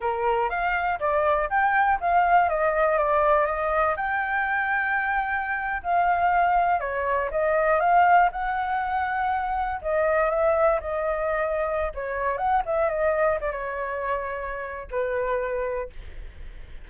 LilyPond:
\new Staff \with { instrumentName = "flute" } { \time 4/4 \tempo 4 = 121 ais'4 f''4 d''4 g''4 | f''4 dis''4 d''4 dis''4 | g''2.~ g''8. f''16~ | f''4.~ f''16 cis''4 dis''4 f''16~ |
f''8. fis''2. dis''16~ | dis''8. e''4 dis''2~ dis''16 | cis''4 fis''8 e''8 dis''4 d''16 cis''8.~ | cis''2 b'2 | }